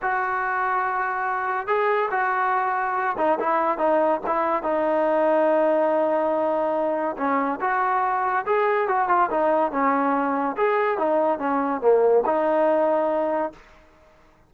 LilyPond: \new Staff \with { instrumentName = "trombone" } { \time 4/4 \tempo 4 = 142 fis'1 | gis'4 fis'2~ fis'8 dis'8 | e'4 dis'4 e'4 dis'4~ | dis'1~ |
dis'4 cis'4 fis'2 | gis'4 fis'8 f'8 dis'4 cis'4~ | cis'4 gis'4 dis'4 cis'4 | ais4 dis'2. | }